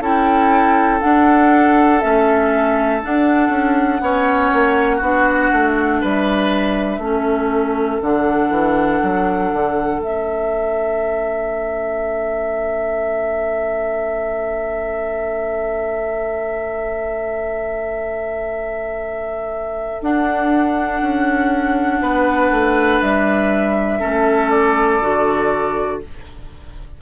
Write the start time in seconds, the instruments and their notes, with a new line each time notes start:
0.00 bassoon C#4, clarinet E4, oboe A4, flute G5
1.01 clarinet D4, bassoon D4, flute F#5
2.01 bassoon A3, clarinet C#4, flute E5
3.02 clarinet D4, bassoon D4, flute F#5
3.49 bassoon C#4
4.01 bassoon B3, clarinet C#4, oboe C#5
4.53 bassoon A#3
4.97 bassoon B3, clarinet D4, oboe F#4
5.52 bassoon A3
6.01 bassoon G3, oboe B4, flute E5
6.98 bassoon A3, clarinet C#4, oboe A4
8.02 bassoon D3, clarinet D4, flute F#5
8.50 bassoon E3
9.03 bassoon F#3
9.53 bassoon D3
9.98 bassoon A3, clarinet C#4, flute E5
20.02 bassoon D4, clarinet D4, flute F#5
21.01 bassoon C#4
22.01 bassoon B3, oboe B4
22.51 bassoon A3
23.01 bassoon G3, flute E5
23.99 bassoon A3, clarinet C#4, oboe A4
24.50 flute D5
25.01 bassoon D3, clarinet F#4